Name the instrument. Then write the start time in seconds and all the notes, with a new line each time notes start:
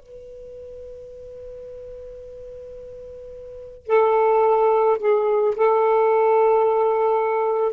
saxophone
0.00 B4
3.87 A4
4.99 G#4
5.56 A4